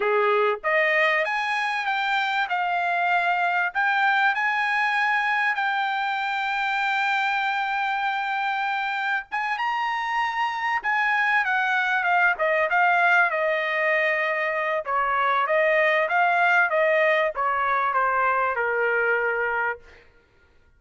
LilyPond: \new Staff \with { instrumentName = "trumpet" } { \time 4/4 \tempo 4 = 97 gis'4 dis''4 gis''4 g''4 | f''2 g''4 gis''4~ | gis''4 g''2.~ | g''2. gis''8 ais''8~ |
ais''4. gis''4 fis''4 f''8 | dis''8 f''4 dis''2~ dis''8 | cis''4 dis''4 f''4 dis''4 | cis''4 c''4 ais'2 | }